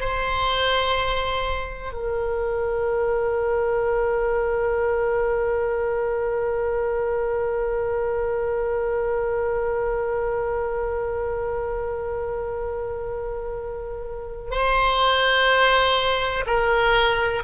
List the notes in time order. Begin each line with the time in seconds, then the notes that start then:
0.00 C5
1.93 A#4
14.51 C5
16.46 A#4